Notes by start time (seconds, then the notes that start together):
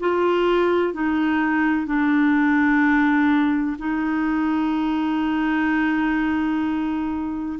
0.00 F4
0.93 D#4
1.86 D4
3.78 D#4